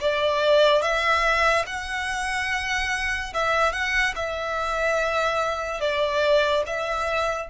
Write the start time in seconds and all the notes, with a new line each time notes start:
0.00 D5
0.82 E5
1.66 F#5
3.33 E5
3.72 F#5
4.16 E5
5.80 D5
6.66 E5